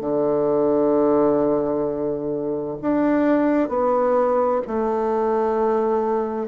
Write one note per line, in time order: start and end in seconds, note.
0.00 2.77 D3
2.81 3.68 D4
3.68 4.61 B3
4.67 6.48 A3